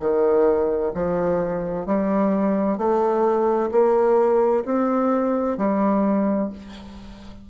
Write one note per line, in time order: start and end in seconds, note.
0.00 0.92 D#3
0.94 1.86 F3
1.86 2.78 G3
2.78 3.70 A3
3.72 4.64 A#3
4.65 5.58 C4
5.58 6.50 G3